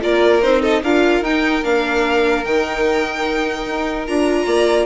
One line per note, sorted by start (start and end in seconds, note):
0.00 0.44 A#3
0.00 0.41 F4
0.00 0.61 A#4
0.00 0.41 D5
0.41 0.82 C4
0.41 0.83 D#4
0.41 0.62 C5
0.61 0.82 A4
0.61 0.82 D#5
0.82 1.20 D4
0.82 1.24 F4
0.82 4.45 A#4
0.82 1.24 F5
1.20 1.61 D#4
1.20 1.63 D#4
1.20 1.64 G5
1.63 2.44 A#3
1.63 2.44 D4
1.63 2.44 F5
2.44 3.65 D#3
2.44 4.07 D#4
2.44 4.06 G5
3.66 4.07 D#4
4.06 4.46 D4
4.06 4.85 F4
4.06 4.85 A#5
4.45 4.85 A#3
4.45 4.85 D5